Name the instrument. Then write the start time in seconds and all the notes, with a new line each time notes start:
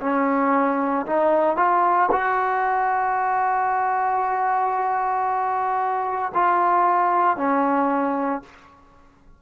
trombone
0.00 C#4
1.06 D#4
1.56 F4
2.11 F#4
6.34 F4
7.37 C#4